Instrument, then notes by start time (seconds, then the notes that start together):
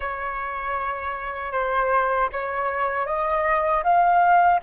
flute
0.00 C#5
1.52 C5
2.32 C#5
3.06 D#5
3.83 F5